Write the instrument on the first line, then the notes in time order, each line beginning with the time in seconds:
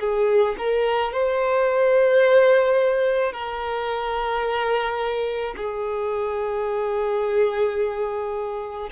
violin
0.00 G#4
0.58 A#4
1.13 C5
3.33 A#4
5.57 G#4